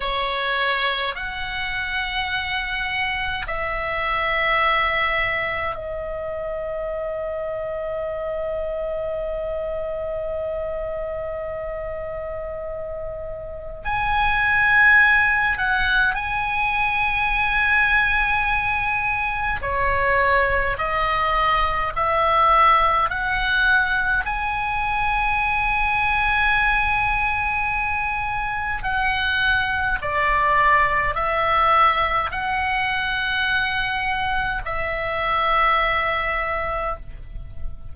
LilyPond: \new Staff \with { instrumentName = "oboe" } { \time 4/4 \tempo 4 = 52 cis''4 fis''2 e''4~ | e''4 dis''2.~ | dis''1 | gis''4. fis''8 gis''2~ |
gis''4 cis''4 dis''4 e''4 | fis''4 gis''2.~ | gis''4 fis''4 d''4 e''4 | fis''2 e''2 | }